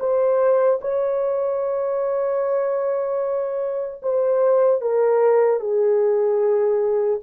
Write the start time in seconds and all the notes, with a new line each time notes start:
0.00 C5
0.82 C#5
4.03 C5
4.81 A#4
5.60 G#4